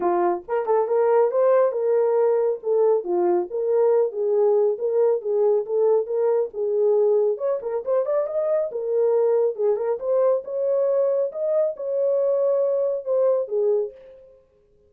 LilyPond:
\new Staff \with { instrumentName = "horn" } { \time 4/4 \tempo 4 = 138 f'4 ais'8 a'8 ais'4 c''4 | ais'2 a'4 f'4 | ais'4. gis'4. ais'4 | gis'4 a'4 ais'4 gis'4~ |
gis'4 cis''8 ais'8 c''8 d''8 dis''4 | ais'2 gis'8 ais'8 c''4 | cis''2 dis''4 cis''4~ | cis''2 c''4 gis'4 | }